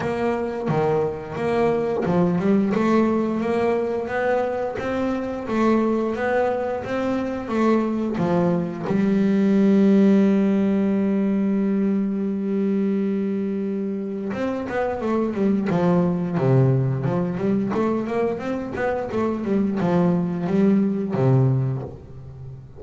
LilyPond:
\new Staff \with { instrumentName = "double bass" } { \time 4/4 \tempo 4 = 88 ais4 dis4 ais4 f8 g8 | a4 ais4 b4 c'4 | a4 b4 c'4 a4 | f4 g2.~ |
g1~ | g4 c'8 b8 a8 g8 f4 | c4 f8 g8 a8 ais8 c'8 b8 | a8 g8 f4 g4 c4 | }